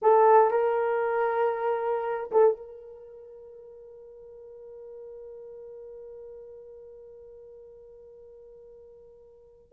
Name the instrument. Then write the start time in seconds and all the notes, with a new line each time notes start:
horn
0.01 A4
0.51 A#4
2.31 A4
2.56 A#4